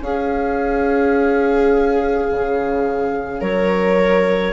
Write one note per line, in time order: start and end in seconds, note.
0.00 4.53 C#4
0.00 2.27 C#4
0.00 3.41 G#4
0.00 3.41 F5
2.31 3.40 C#3
3.40 4.53 F#3
3.40 4.53 A#4
3.40 4.53 C#5